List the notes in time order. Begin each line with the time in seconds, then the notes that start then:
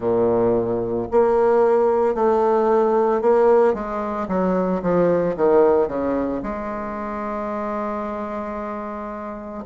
0.00 A#2
1.11 A#3
2.14 A3
3.21 A#3
3.74 G#3
4.28 F#3
4.82 F3
5.36 D#3
5.87 C#3
6.42 G#3